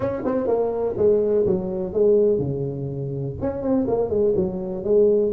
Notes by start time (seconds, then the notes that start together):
0.00 C#4
0.25 C4
0.47 A#3
0.97 G#3
1.45 F#3
1.93 G#3
2.38 C#3
3.41 C#4
3.62 C4
3.87 A#3
4.09 G#3
4.35 F#3
4.84 G#3